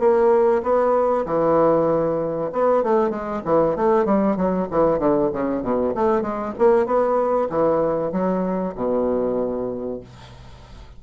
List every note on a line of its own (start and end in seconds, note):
0.00 0.62 A#3
0.63 1.26 B3
1.26 2.51 E3
2.53 2.84 B3
2.84 3.11 A3
3.11 3.42 G#3
3.45 3.76 E3
3.77 4.06 A3
4.06 4.37 G3
4.37 4.68 F#3
4.71 4.99 E3
4.99 5.31 D3
5.33 5.63 C#3
5.63 5.94 B2
5.95 6.22 A3
6.22 6.53 G#3
6.59 6.87 A#3
6.87 7.49 B3
7.50 8.12 E3
8.12 8.75 F#3
8.76 10.01 B2